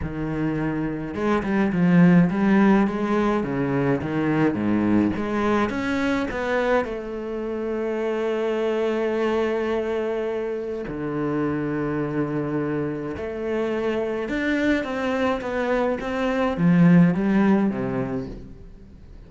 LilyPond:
\new Staff \with { instrumentName = "cello" } { \time 4/4 \tempo 4 = 105 dis2 gis8 g8 f4 | g4 gis4 cis4 dis4 | gis,4 gis4 cis'4 b4 | a1~ |
a2. d4~ | d2. a4~ | a4 d'4 c'4 b4 | c'4 f4 g4 c4 | }